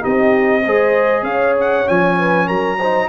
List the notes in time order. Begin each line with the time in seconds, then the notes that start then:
0.00 C4 D#4 G4 D#5
0.66 G#3 G#4 C5
1.23 C#4 C#5 F5
1.60 F#5
1.85 F3 C#4 G#5
2.19 B4
2.47 F#3 A#4 A#5
2.78 D#4 C5